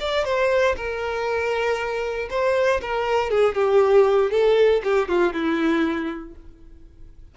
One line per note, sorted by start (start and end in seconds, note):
0.00 0.25 D5
0.25 0.76 C5
0.77 2.29 A#4
2.30 2.81 C5
2.82 3.31 A#4
3.31 3.55 G#4
3.55 4.31 G4
4.31 4.82 A4
4.84 5.08 G4
5.08 5.33 F4
5.33 6.35 E4